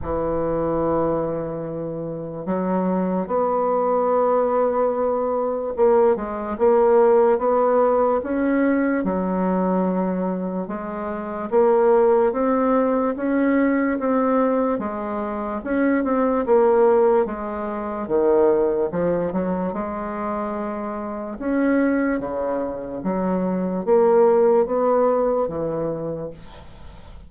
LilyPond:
\new Staff \with { instrumentName = "bassoon" } { \time 4/4 \tempo 4 = 73 e2. fis4 | b2. ais8 gis8 | ais4 b4 cis'4 fis4~ | fis4 gis4 ais4 c'4 |
cis'4 c'4 gis4 cis'8 c'8 | ais4 gis4 dis4 f8 fis8 | gis2 cis'4 cis4 | fis4 ais4 b4 e4 | }